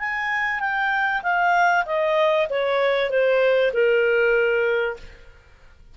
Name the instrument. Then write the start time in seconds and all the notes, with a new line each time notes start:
clarinet
0.00 G#5
0.60 G5
1.23 F5
1.86 D#5
2.50 C#5
3.10 C5
3.73 A#4